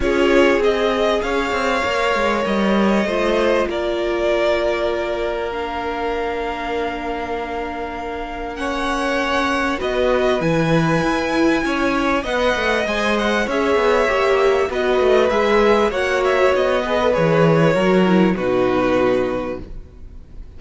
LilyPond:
<<
  \new Staff \with { instrumentName = "violin" } { \time 4/4 \tempo 4 = 98 cis''4 dis''4 f''2 | dis''2 d''2~ | d''4 f''2.~ | f''2 fis''2 |
dis''4 gis''2. | fis''4 gis''8 fis''8 e''2 | dis''4 e''4 fis''8 e''8 dis''4 | cis''2 b'2 | }
  \new Staff \with { instrumentName = "violin" } { \time 4/4 gis'2 cis''2~ | cis''4 c''4 ais'2~ | ais'1~ | ais'2 cis''2 |
b'2. cis''4 | dis''2 cis''2 | b'2 cis''4. b'8~ | b'4 ais'4 fis'2 | }
  \new Staff \with { instrumentName = "viola" } { \time 4/4 f'4 gis'2 ais'4~ | ais'4 f'2.~ | f'4 d'2.~ | d'2 cis'2 |
fis'4 e'2. | b'4 c''4 gis'4 g'4 | fis'4 gis'4 fis'4. gis'16 a'16 | gis'4 fis'8 e'8 dis'2 | }
  \new Staff \with { instrumentName = "cello" } { \time 4/4 cis'4 c'4 cis'8 c'8 ais8 gis8 | g4 a4 ais2~ | ais1~ | ais1 |
b4 e4 e'4 cis'4 | b8 a8 gis4 cis'8 b8 ais4 | b8 a8 gis4 ais4 b4 | e4 fis4 b,2 | }
>>